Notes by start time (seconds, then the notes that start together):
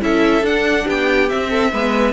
0.00 C#4 E4 A4 E5
0.42 D4 F#5
0.84 B3 G4 G5
1.29 C4 E5
1.49 A4
1.72 G#3 B3 B4